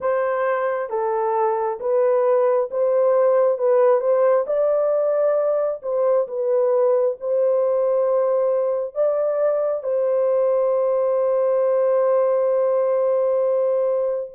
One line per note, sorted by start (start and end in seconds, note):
0.00 0.89 C5
0.89 1.79 A4
1.80 2.69 B4
2.70 3.58 C5
3.58 4.00 B4
4.00 4.45 C5
4.47 5.81 D5
5.82 6.27 C5
6.27 7.16 B4
7.20 8.94 C5
8.94 9.83 D5
9.83 14.30 C5